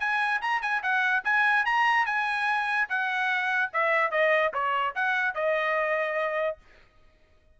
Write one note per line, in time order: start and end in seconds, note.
0.00 0.41 G#5
0.41 0.62 A#5
0.62 0.82 G#5
0.82 1.23 F#5
1.24 1.65 G#5
1.66 2.06 A#5
2.06 2.88 G#5
2.89 3.71 F#5
3.73 4.11 E5
4.11 4.52 D#5
4.54 4.95 C#5
4.95 5.35 F#5
5.35 6.58 D#5